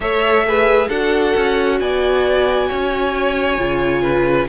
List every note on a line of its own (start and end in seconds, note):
0.00 0.87 A3
0.00 0.45 A4
0.00 0.46 C#5
0.00 0.89 E5
0.45 0.90 G#4
0.45 0.87 B4
0.87 1.33 D4
0.87 3.58 F#4
0.87 1.77 A4
0.87 1.78 F#5
1.37 1.80 C#4
1.79 2.70 B3
1.79 2.68 D5
1.79 4.48 G#5
2.68 3.57 C#4
2.68 4.02 C#5
3.57 4.47 C#3
3.57 4.47 F4
4.02 4.47 B4